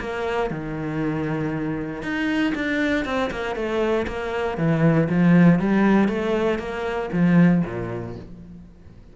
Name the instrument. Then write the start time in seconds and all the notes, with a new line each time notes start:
cello
0.00 A#3
0.50 D#3
2.02 D#4
2.55 D4
3.05 C4
3.31 A#3
3.56 A3
4.07 A#3
4.58 E3
5.09 F3
5.59 G3
6.08 A3
6.59 A#3
7.13 F3
7.65 A#2